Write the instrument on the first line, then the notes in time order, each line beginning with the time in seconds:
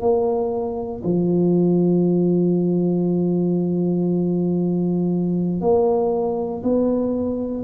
tuba
0.00 A#3
1.04 F3
5.60 A#3
6.63 B3